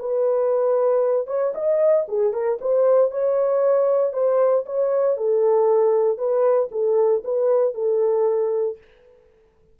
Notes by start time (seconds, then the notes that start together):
0.00 B4
1.28 C#5
1.55 D#5
2.09 G#4
2.33 A#4
2.61 C5
3.12 C#5
4.14 C5
4.66 C#5
5.18 A4
6.18 B4
6.72 A4
7.25 B4
7.75 A4